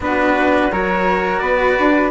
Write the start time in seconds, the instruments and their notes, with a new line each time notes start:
0.00 bassoon B3, cello D4, flute F#4, trumpet B4
0.71 bassoon F#3, cello F#4, flute A#4, trumpet C#5
1.39 bassoon B3, flute B4, trumpet D5
1.78 bassoon D4